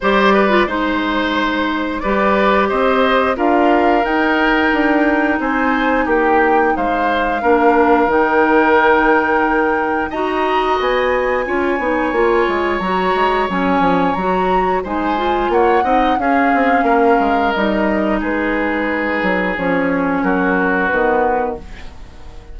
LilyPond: <<
  \new Staff \with { instrumentName = "flute" } { \time 4/4 \tempo 4 = 89 d''4 c''2 d''4 | dis''4 f''4 g''2 | gis''4 g''4 f''2 | g''2. ais''4 |
gis''2. ais''4 | gis''4 ais''4 gis''4 fis''4 | f''2 dis''4 b'4~ | b'4 cis''4 ais'4 b'4 | }
  \new Staff \with { instrumentName = "oboe" } { \time 4/4 c''8 b'8 c''2 b'4 | c''4 ais'2. | c''4 g'4 c''4 ais'4~ | ais'2. dis''4~ |
dis''4 cis''2.~ | cis''2 c''4 cis''8 dis''8 | gis'4 ais'2 gis'4~ | gis'2 fis'2 | }
  \new Staff \with { instrumentName = "clarinet" } { \time 4/4 g'8. f'16 dis'2 g'4~ | g'4 f'4 dis'2~ | dis'2. d'4 | dis'2. fis'4~ |
fis'4 f'8 dis'8 f'4 fis'4 | cis'4 fis'4 dis'8 f'4 dis'8 | cis'2 dis'2~ | dis'4 cis'2 b4 | }
  \new Staff \with { instrumentName = "bassoon" } { \time 4/4 g4 gis2 g4 | c'4 d'4 dis'4 d'4 | c'4 ais4 gis4 ais4 | dis2. dis'4 |
b4 cis'8 b8 ais8 gis8 fis8 gis8 | fis8 f8 fis4 gis4 ais8 c'8 | cis'8 c'8 ais8 gis8 g4 gis4~ | gis8 fis8 f4 fis4 dis4 | }
>>